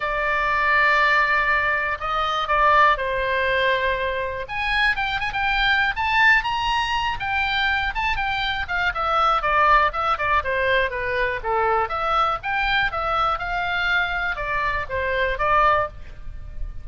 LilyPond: \new Staff \with { instrumentName = "oboe" } { \time 4/4 \tempo 4 = 121 d''1 | dis''4 d''4 c''2~ | c''4 gis''4 g''8 gis''16 g''4~ g''16 | a''4 ais''4. g''4. |
a''8 g''4 f''8 e''4 d''4 | e''8 d''8 c''4 b'4 a'4 | e''4 g''4 e''4 f''4~ | f''4 d''4 c''4 d''4 | }